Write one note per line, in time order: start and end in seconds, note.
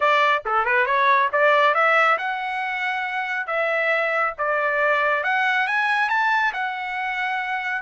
0.00 0.43 D5
0.45 0.65 A4
0.65 0.85 B4
0.85 1.29 C#5
1.32 1.74 D5
1.74 2.17 E5
2.18 3.47 F#5
3.47 4.34 E5
4.38 5.23 D5
5.23 5.67 F#5
5.67 6.09 G#5
6.09 6.52 A5
6.53 7.82 F#5